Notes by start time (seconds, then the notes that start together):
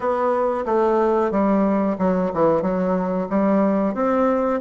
0.00 B3
0.65 A3
1.31 G3
1.98 F#3
2.33 E3
2.61 F#3
3.29 G3
3.94 C4